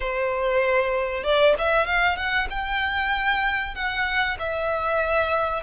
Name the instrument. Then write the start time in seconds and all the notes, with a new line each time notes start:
violin
0.00 C5
1.23 D5
1.58 E5
1.86 F5
2.16 F#5
2.49 G5
3.74 F#5
4.39 E5